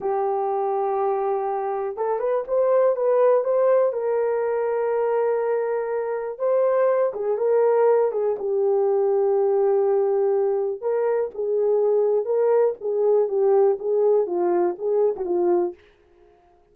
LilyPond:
\new Staff \with { instrumentName = "horn" } { \time 4/4 \tempo 4 = 122 g'1 | a'8 b'8 c''4 b'4 c''4 | ais'1~ | ais'4 c''4. gis'8 ais'4~ |
ais'8 gis'8 g'2.~ | g'2 ais'4 gis'4~ | gis'4 ais'4 gis'4 g'4 | gis'4 f'4 gis'8. fis'16 f'4 | }